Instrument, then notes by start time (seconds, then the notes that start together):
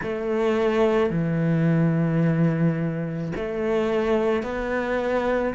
cello
0.02 A3
1.10 E3
3.36 A3
4.42 B3